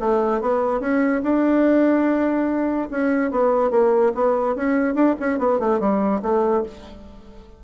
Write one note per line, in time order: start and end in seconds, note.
0.00 0.41 A3
0.41 0.80 B3
0.80 1.22 C#4
1.23 2.89 D4
2.91 3.31 C#4
3.31 3.71 B3
3.71 4.12 A#3
4.15 4.56 B3
4.56 4.94 C#4
4.94 5.15 D4
5.20 5.39 C#4
5.39 5.59 B3
5.59 5.80 A3
5.80 6.21 G3
6.22 6.64 A3